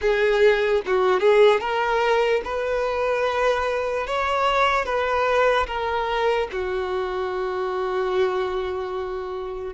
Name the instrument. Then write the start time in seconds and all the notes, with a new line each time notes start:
violin
0.01 G#4
0.86 F#4
1.20 G#4
1.60 A#4
2.44 B4
4.07 C#5
4.85 B4
5.66 A#4
6.52 F#4